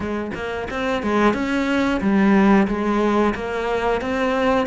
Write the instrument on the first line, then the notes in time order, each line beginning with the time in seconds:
cello
0.00 G#3
0.34 A#3
0.70 C4
1.02 G#3
1.33 C#4
2.00 G3
2.67 G#3
3.35 A#3
4.01 C4